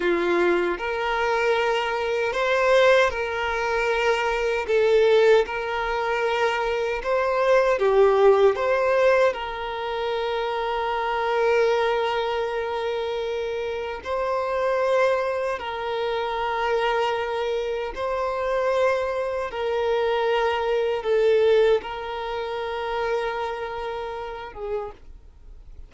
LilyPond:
\new Staff \with { instrumentName = "violin" } { \time 4/4 \tempo 4 = 77 f'4 ais'2 c''4 | ais'2 a'4 ais'4~ | ais'4 c''4 g'4 c''4 | ais'1~ |
ais'2 c''2 | ais'2. c''4~ | c''4 ais'2 a'4 | ais'2.~ ais'8 gis'8 | }